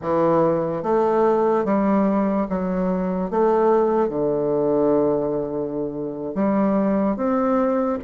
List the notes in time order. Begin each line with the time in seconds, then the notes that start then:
0.01 E3
0.83 A3
1.64 G3
2.49 F#3
3.30 A3
4.08 D3
6.35 G3
7.16 C4